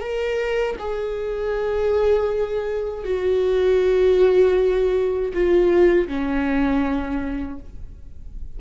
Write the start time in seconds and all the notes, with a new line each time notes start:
0.00 A#4
0.79 G#4
3.04 F#4
5.34 F4
6.08 C#4